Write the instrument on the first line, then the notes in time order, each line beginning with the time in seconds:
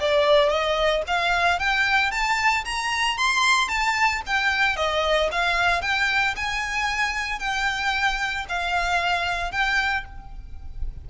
violin
0.00 D5
0.49 D#5
1.07 F5
1.59 G5
2.11 A5
2.65 A#5
3.18 C6
3.69 A5
4.27 G5
4.76 D#5
5.31 F5
5.82 G5
6.36 G#5
7.39 G5
8.49 F5
9.52 G5